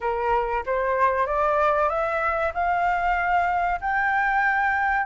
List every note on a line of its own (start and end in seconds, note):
0.00 0.63 A#4
0.66 1.26 C5
1.26 1.89 D5
1.89 2.52 E5
2.53 3.80 F5
3.80 5.06 G5